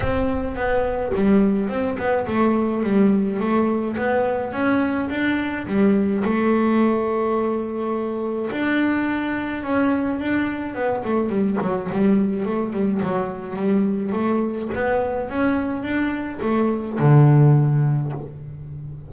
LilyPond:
\new Staff \with { instrumentName = "double bass" } { \time 4/4 \tempo 4 = 106 c'4 b4 g4 c'8 b8 | a4 g4 a4 b4 | cis'4 d'4 g4 a4~ | a2. d'4~ |
d'4 cis'4 d'4 b8 a8 | g8 fis8 g4 a8 g8 fis4 | g4 a4 b4 cis'4 | d'4 a4 d2 | }